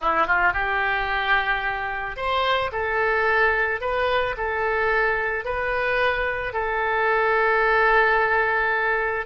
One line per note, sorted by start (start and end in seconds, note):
0.01 0.26 E4
0.26 0.53 F4
0.53 2.16 G4
2.16 2.70 C5
2.72 3.81 A4
3.81 4.35 B4
4.37 5.44 A4
5.44 6.53 B4
6.53 9.26 A4